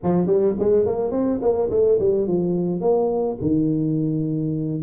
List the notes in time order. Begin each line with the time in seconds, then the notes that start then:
0.03 F3
0.26 G3
0.59 G#3
0.86 A#3
1.11 C4
1.41 A#3
1.70 A3
1.99 G3
2.27 F3
2.80 A#3
3.41 D#3